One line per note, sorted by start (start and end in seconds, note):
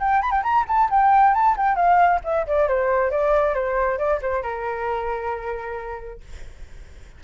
0.00 0.22 G5
0.22 0.31 B5
0.31 0.42 G5
0.43 0.65 A#5
0.68 0.90 A5
0.90 1.34 G5
1.34 1.57 A5
1.57 1.76 G5
1.76 2.20 F5
2.24 2.47 E5
2.47 2.68 D5
2.68 3.11 C5
3.11 3.55 D5
3.55 3.98 C5
3.98 4.20 D5
4.22 4.43 C5
4.43 6.21 A#4